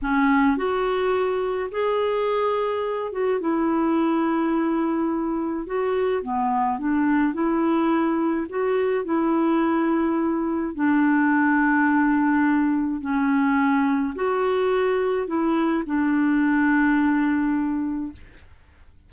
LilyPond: \new Staff \with { instrumentName = "clarinet" } { \time 4/4 \tempo 4 = 106 cis'4 fis'2 gis'4~ | gis'4. fis'8 e'2~ | e'2 fis'4 b4 | d'4 e'2 fis'4 |
e'2. d'4~ | d'2. cis'4~ | cis'4 fis'2 e'4 | d'1 | }